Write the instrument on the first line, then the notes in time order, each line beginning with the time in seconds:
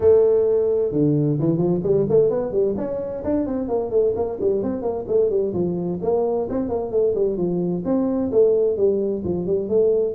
tuba
0.00 A3
0.92 D3
1.39 E3
1.57 F3
1.83 G3
2.09 A3
2.30 B3
2.52 G3
2.77 C#4
3.24 D4
3.46 C4
3.68 A#3
3.90 A3
4.15 A#3
4.40 G3
4.62 C4
4.81 A#3
5.07 A3
5.30 G3
5.53 F3
6.02 A#3
6.49 C4
6.68 A#3
6.91 A3
7.15 G3
7.37 F3
7.84 C4
8.31 A3
8.77 G3
9.24 F3
9.46 G3
9.68 A3